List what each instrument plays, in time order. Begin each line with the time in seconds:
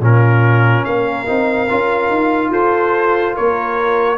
0.00 tuba A#2, trombone C#4, horn F4, trumpet A#4
0.85 tuba A#3, horn A#4, trumpet F5
1.26 tuba C4, trombone D#4
1.69 tuba C#4, trombone F4
2.10 tuba D#4
2.50 tuba F4, horn A4, trumpet C5
3.35 tuba A#3, horn A#4, trumpet C#5